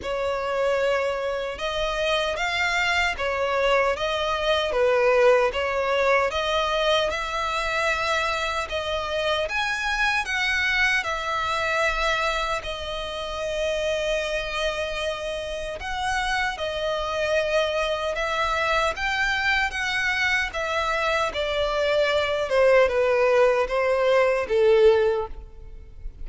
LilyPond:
\new Staff \with { instrumentName = "violin" } { \time 4/4 \tempo 4 = 76 cis''2 dis''4 f''4 | cis''4 dis''4 b'4 cis''4 | dis''4 e''2 dis''4 | gis''4 fis''4 e''2 |
dis''1 | fis''4 dis''2 e''4 | g''4 fis''4 e''4 d''4~ | d''8 c''8 b'4 c''4 a'4 | }